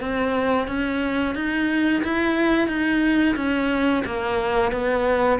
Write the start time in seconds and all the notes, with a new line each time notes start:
0.00 C4
0.67 C#4
1.35 D#4
2.03 E4
2.68 D#4
3.36 C#4
4.05 A#3
4.71 B3